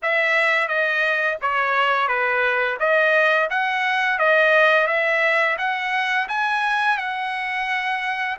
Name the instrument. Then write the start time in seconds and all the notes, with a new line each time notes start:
trumpet
0.02 E5
0.68 D#5
1.41 C#5
2.07 B4
2.79 D#5
3.49 F#5
4.18 D#5
4.87 E5
5.58 F#5
6.28 G#5
6.97 F#5